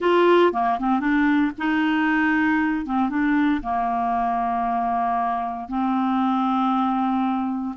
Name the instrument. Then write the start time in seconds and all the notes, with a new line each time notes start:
clarinet
0.00 F4
0.53 A#3
0.79 C4
1.00 D4
1.58 D#4
2.85 C4
3.09 D4
3.62 A#3
5.68 C4